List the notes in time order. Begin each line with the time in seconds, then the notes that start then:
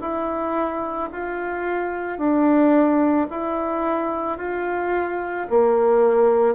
0.00 E4
1.13 F4
2.18 D4
3.30 E4
4.37 F4
5.49 A#3